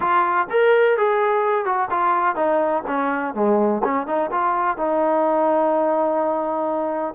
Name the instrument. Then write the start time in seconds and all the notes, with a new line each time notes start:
trombone
0.00 F4
0.50 A#4
0.97 G#4
1.65 F#4
1.90 F4
2.35 D#4
2.86 C#4
3.34 G#3
3.84 C#4
4.06 D#4
4.31 F4
4.77 D#4